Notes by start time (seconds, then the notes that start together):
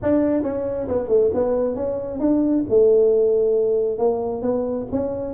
0.02 D4
0.43 C#4
0.87 B3
1.08 A3
1.34 B3
1.75 C#4
2.19 D4
2.69 A3
3.98 A#3
4.42 B3
4.91 C#4